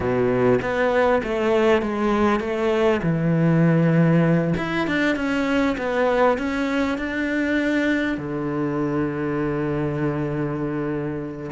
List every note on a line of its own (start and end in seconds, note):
0.00 0.59 B2
0.61 1.22 B3
1.23 1.82 A3
1.82 2.40 G#3
2.40 3.00 A3
3.02 4.54 E3
4.57 4.87 E4
4.87 5.15 D4
5.15 5.76 C#4
5.77 6.38 B3
6.38 6.98 C#4
6.98 8.17 D4
8.17 11.50 D3